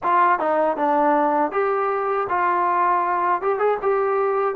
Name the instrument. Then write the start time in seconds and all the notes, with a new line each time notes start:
trombone
0.03 F4
0.39 D#4
0.76 D4
1.51 G4
2.29 F4
3.41 G4
3.58 G#4
3.81 G4